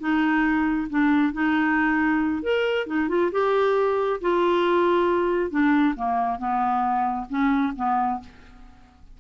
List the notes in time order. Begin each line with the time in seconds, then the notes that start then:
0.00 D#4
0.90 D4
1.33 D#4
2.43 A#4
2.87 D#4
3.09 F4
3.32 G4
4.21 F4
5.51 D4
5.96 A#3
6.39 B3
7.30 C#4
7.76 B3